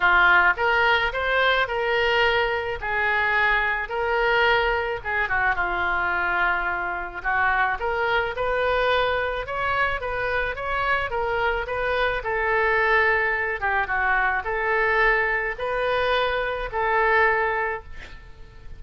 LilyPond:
\new Staff \with { instrumentName = "oboe" } { \time 4/4 \tempo 4 = 108 f'4 ais'4 c''4 ais'4~ | ais'4 gis'2 ais'4~ | ais'4 gis'8 fis'8 f'2~ | f'4 fis'4 ais'4 b'4~ |
b'4 cis''4 b'4 cis''4 | ais'4 b'4 a'2~ | a'8 g'8 fis'4 a'2 | b'2 a'2 | }